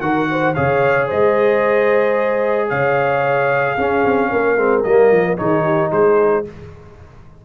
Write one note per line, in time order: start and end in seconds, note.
0.00 0.54 D#3
0.00 0.55 F#4
0.00 0.29 A#4
0.00 0.54 F#5
0.31 0.54 C5
0.54 1.11 C#3
0.54 3.77 G#4
0.54 1.07 C#5
0.54 1.08 F5
1.07 2.71 G#3
1.07 2.68 C5
1.07 2.69 D#5
2.68 3.77 C#3
2.68 3.75 C#5
2.68 4.83 F5
3.75 4.04 C#4
3.75 4.57 C#4
3.75 4.29 G#4
4.04 4.31 C4
4.30 4.57 A#3
4.30 5.38 A#4
4.57 4.83 G#3
4.57 4.84 C4
4.83 5.11 G3
4.83 5.37 A#3
4.83 5.36 D#5
5.11 5.38 F3
5.37 5.91 D#3
5.37 6.45 D#4
5.37 5.63 G#4
5.37 5.91 C#5
5.63 5.90 G4
5.91 6.45 G#3
5.91 6.45 G#4
5.91 6.45 C5